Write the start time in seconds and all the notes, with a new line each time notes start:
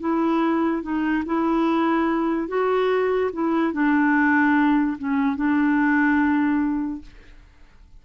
0.00 E4
0.82 D#4
1.26 E4
2.48 F#4
3.33 E4
3.73 D4
4.98 C#4
5.36 D4